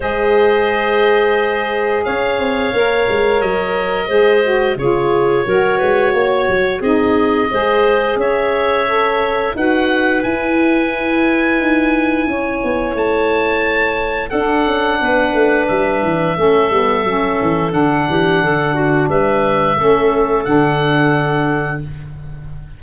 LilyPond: <<
  \new Staff \with { instrumentName = "oboe" } { \time 4/4 \tempo 4 = 88 dis''2. f''4~ | f''4 dis''2 cis''4~ | cis''2 dis''2 | e''2 fis''4 gis''4~ |
gis''2. a''4~ | a''4 fis''2 e''4~ | e''2 fis''2 | e''2 fis''2 | }
  \new Staff \with { instrumentName = "clarinet" } { \time 4/4 c''2. cis''4~ | cis''2 c''4 gis'4 | ais'8 b'8 cis''4 gis'4 c''4 | cis''2 b'2~ |
b'2 cis''2~ | cis''4 a'4 b'2 | a'2~ a'8 g'8 a'8 fis'8 | b'4 a'2. | }
  \new Staff \with { instrumentName = "saxophone" } { \time 4/4 gis'1 | ais'2 gis'8 fis'8 f'4 | fis'2 dis'4 gis'4~ | gis'4 a'4 fis'4 e'4~ |
e'1~ | e'4 d'2. | cis'8 b8 cis'4 d'2~ | d'4 cis'4 d'2 | }
  \new Staff \with { instrumentName = "tuba" } { \time 4/4 gis2. cis'8 c'8 | ais8 gis8 fis4 gis4 cis4 | fis8 gis8 ais8 fis8 c'4 gis4 | cis'2 dis'4 e'4~ |
e'4 dis'4 cis'8 b8 a4~ | a4 d'8 cis'8 b8 a8 g8 e8 | a8 g8 fis8 e8 d8 e8 d4 | g4 a4 d2 | }
>>